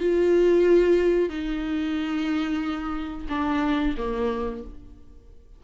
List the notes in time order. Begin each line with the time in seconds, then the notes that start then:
0.00 F4
1.29 D#4
3.29 D4
3.98 A#3